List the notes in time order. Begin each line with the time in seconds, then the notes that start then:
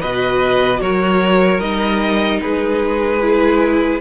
0.00 B2 F#4 B4 D#5
0.80 F#3 A#4 C#5
1.59 G3 D#4 D#5
2.40 G#3 G#4 B4
3.21 E4